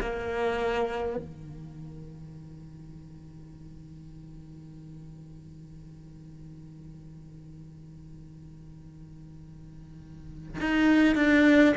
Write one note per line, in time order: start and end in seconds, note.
0.00 1.17 A#3
1.17 10.58 D#3
10.60 11.15 D#4
11.15 11.74 D4